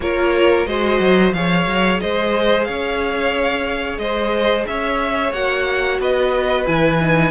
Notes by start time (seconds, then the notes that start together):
0.00 A#3 F4 A#4 C#5
0.66 G#3 F#4 C5 D#5
0.99 F#3
1.33 F3 G#4 C#5 F5
1.66 F#3
2.00 G#3 C5 D#5
2.64 C#4 C#5 F5
3.97 G#3 C5 D#5
4.67 C#4 C#5 E5
5.32 A#3 F#4 F#5
5.99 B3 B4 D#5
6.66 E3 E4 G#5
7.00 D#4